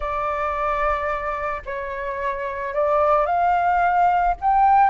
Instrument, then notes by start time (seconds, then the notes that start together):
flute
0.00 D5
1.65 C#5
2.73 D5
3.26 F5
4.40 G5